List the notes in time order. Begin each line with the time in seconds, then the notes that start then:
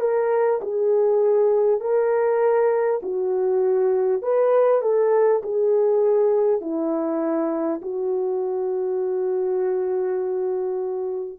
0.00 A#4
0.61 G#4
1.81 A#4
3.02 F#4
4.22 B4
4.82 A4
5.43 G#4
6.61 E4
7.82 F#4